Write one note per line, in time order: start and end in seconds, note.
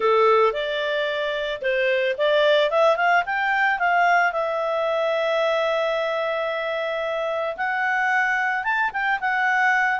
0.00 0.53 A4
0.53 1.61 D5
1.61 2.15 C5
2.17 2.70 D5
2.70 2.96 E5
2.96 3.23 F5
3.25 3.78 G5
3.78 4.32 F5
4.32 7.56 E5
7.57 8.63 F#5
8.63 8.90 A5
8.92 9.19 G5
9.20 10.00 F#5